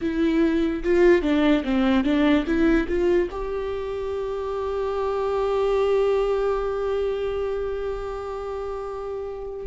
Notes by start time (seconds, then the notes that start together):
0.01 E4
0.83 F4
1.22 D4
1.64 C4
2.04 D4
2.46 E4
2.88 F4
3.31 G4